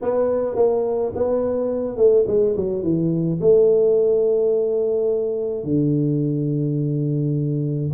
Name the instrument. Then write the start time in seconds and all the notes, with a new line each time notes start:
tuba
0.01 B3
0.55 A#3
1.15 B3
1.97 A3
2.27 G#3
2.56 F#3
2.83 E3
3.40 A3
5.63 D3